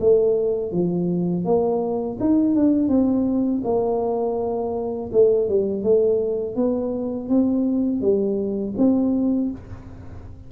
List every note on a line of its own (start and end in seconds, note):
0.00 0.72 A3
0.72 1.45 F3
1.45 2.18 A#3
2.20 2.55 D#4
2.55 2.88 D4
2.88 3.62 C4
3.64 5.10 A#3
5.13 5.49 A3
5.49 5.83 G3
5.83 6.56 A3
6.56 7.29 B3
7.29 8.02 C4
8.02 8.75 G3
8.77 9.51 C4